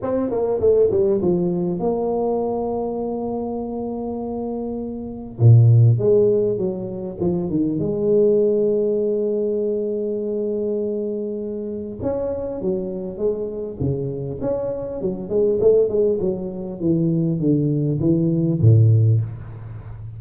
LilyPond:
\new Staff \with { instrumentName = "tuba" } { \time 4/4 \tempo 4 = 100 c'8 ais8 a8 g8 f4 ais4~ | ais1~ | ais4 ais,4 gis4 fis4 | f8 dis8 gis2.~ |
gis1 | cis'4 fis4 gis4 cis4 | cis'4 fis8 gis8 a8 gis8 fis4 | e4 d4 e4 a,4 | }